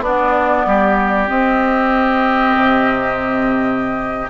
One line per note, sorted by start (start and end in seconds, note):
0.00 0.63 B3
0.00 1.27 B3
0.00 0.66 D4
0.00 1.29 D5
0.66 1.29 G3
0.66 4.30 G4
1.27 4.27 C4
1.27 2.56 C4
1.27 4.29 D#5
2.56 4.29 C3